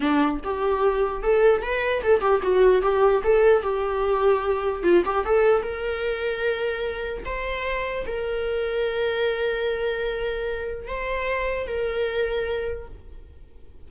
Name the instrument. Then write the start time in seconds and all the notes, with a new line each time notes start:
viola
0.00 D4
0.44 G4
1.22 A4
1.62 B4
2.02 A4
2.20 G4
2.42 F#4
2.82 G4
3.23 A4
3.62 G4
4.83 F4
5.05 G4
5.25 A4
5.62 A#4
7.25 C5
8.06 A#4
10.87 C5
11.67 A#4